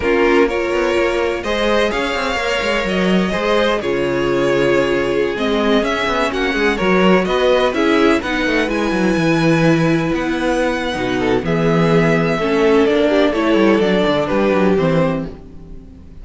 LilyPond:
<<
  \new Staff \with { instrumentName = "violin" } { \time 4/4 \tempo 4 = 126 ais'4 cis''2 dis''4 | f''2 dis''2 | cis''2.~ cis''16 dis''8.~ | dis''16 e''4 fis''4 cis''4 dis''8.~ |
dis''16 e''4 fis''4 gis''4.~ gis''16~ | gis''4~ gis''16 fis''2~ fis''8. | e''2. d''4 | cis''4 d''4 b'4 c''4 | }
  \new Staff \with { instrumentName = "violin" } { \time 4/4 f'4 ais'2 c''4 | cis''2. c''4 | gis'1~ | gis'4~ gis'16 fis'8 gis'8 ais'4 b'8.~ |
b'16 gis'4 b'2~ b'8.~ | b'2.~ b'8 a'8 | gis'2 a'4. g'8 | a'2 g'2 | }
  \new Staff \with { instrumentName = "viola" } { \time 4/4 cis'4 f'2 gis'4~ | gis'4 ais'2 gis'4 | f'2.~ f'16 c'8.~ | c'16 cis'2 fis'4.~ fis'16~ |
fis'16 e'4 dis'4 e'4.~ e'16~ | e'2. dis'4 | b2 cis'4 d'4 | e'4 d'2 c'4 | }
  \new Staff \with { instrumentName = "cello" } { \time 4/4 ais4. b8 ais4 gis4 | cis'8 c'8 ais8 gis8 fis4 gis4 | cis2.~ cis16 gis8.~ | gis16 cis'8 b8 ais8 gis8 fis4 b8.~ |
b16 cis'4 b8 a8 gis8 fis8 e8.~ | e4~ e16 b4.~ b16 b,4 | e2 a4 ais4 | a8 g8 fis8 d8 g8 fis8 e4 | }
>>